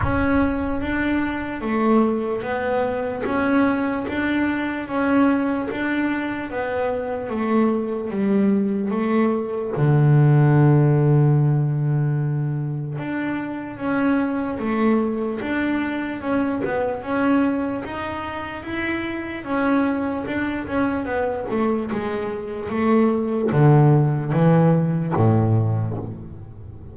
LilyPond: \new Staff \with { instrumentName = "double bass" } { \time 4/4 \tempo 4 = 74 cis'4 d'4 a4 b4 | cis'4 d'4 cis'4 d'4 | b4 a4 g4 a4 | d1 |
d'4 cis'4 a4 d'4 | cis'8 b8 cis'4 dis'4 e'4 | cis'4 d'8 cis'8 b8 a8 gis4 | a4 d4 e4 a,4 | }